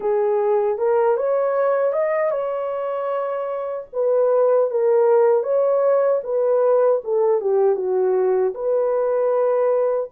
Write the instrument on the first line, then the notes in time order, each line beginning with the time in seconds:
horn
0.00 G#4
0.78 A#4
1.17 C#5
1.93 D#5
2.30 C#5
3.92 B4
4.70 A#4
5.43 C#5
6.23 B4
7.03 A4
7.40 G4
7.75 F#4
8.54 B4